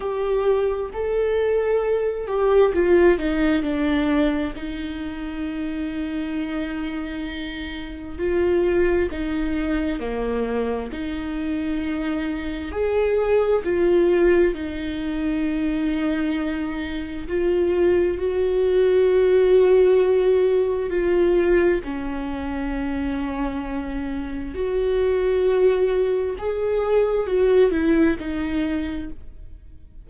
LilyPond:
\new Staff \with { instrumentName = "viola" } { \time 4/4 \tempo 4 = 66 g'4 a'4. g'8 f'8 dis'8 | d'4 dis'2.~ | dis'4 f'4 dis'4 ais4 | dis'2 gis'4 f'4 |
dis'2. f'4 | fis'2. f'4 | cis'2. fis'4~ | fis'4 gis'4 fis'8 e'8 dis'4 | }